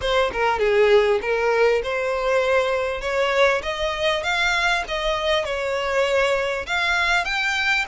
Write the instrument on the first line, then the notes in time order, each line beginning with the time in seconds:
violin
0.01 C5
0.33 A#4
0.59 G#4
1.21 A#4
1.83 C5
3.01 C#5
3.63 D#5
4.23 F5
4.88 D#5
5.45 C#5
6.66 F5
7.24 G5